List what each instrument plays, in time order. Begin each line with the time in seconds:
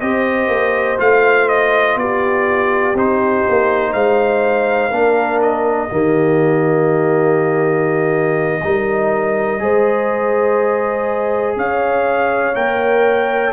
0.00 tuba C4, trombone G4, horn C5, trumpet D#5
0.48 tuba A#3
0.98 tuba A3, trombone F4, trumpet F5
1.49 trumpet D#5
1.96 tuba B3, horn G4, trumpet D5
2.95 tuba C4, trombone D#4, trumpet C5
3.49 tuba A#3
3.93 tuba G#3, horn C5, trumpet F5
4.90 tuba A#3, trombone D4, horn A#4
5.41 trumpet D#5
5.90 tuba D#3, trombone A#3, horn G4
8.63 tuba G3, trombone D#4, horn A#4
9.59 tuba G#3, trombone G#4, horn C5
11.56 tuba C#4, horn C#5, trumpet F5
12.55 tuba A#3, trombone A#4, trumpet G5